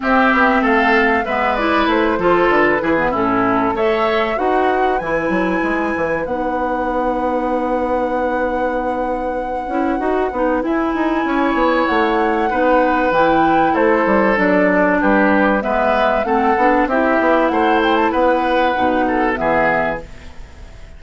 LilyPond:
<<
  \new Staff \with { instrumentName = "flute" } { \time 4/4 \tempo 4 = 96 e''4 f''4 e''8 d''8 c''4 | b'4 a'4 e''4 fis''4 | gis''2 fis''2~ | fis''1~ |
fis''4 gis''2 fis''4~ | fis''4 g''4 c''4 d''4 | b'4 e''4 fis''4 e''4 | fis''8 g''16 a''16 fis''2 e''4 | }
  \new Staff \with { instrumentName = "oboe" } { \time 4/4 g'4 a'4 b'4. a'8~ | a'8 gis'8 e'4 cis''4 b'4~ | b'1~ | b'1~ |
b'2 cis''2 | b'2 a'2 | g'4 b'4 a'4 g'4 | c''4 b'4. a'8 gis'4 | }
  \new Staff \with { instrumentName = "clarinet" } { \time 4/4 c'2 b8 e'4 f'8~ | f'8 e'16 b16 cis'4 a'4 fis'4 | e'2 dis'2~ | dis'2.~ dis'8 e'8 |
fis'8 dis'8 e'2. | dis'4 e'2 d'4~ | d'4 b4 c'8 d'8 e'4~ | e'2 dis'4 b4 | }
  \new Staff \with { instrumentName = "bassoon" } { \time 4/4 c'8 b8 a4 gis4 a8 f8 | d8 e8 a,4 a4 dis'4 | e8 fis8 gis8 e8 b2~ | b2.~ b8 cis'8 |
dis'8 b8 e'8 dis'8 cis'8 b8 a4 | b4 e4 a8 g8 fis4 | g4 gis4 a8 b8 c'8 b8 | a4 b4 b,4 e4 | }
>>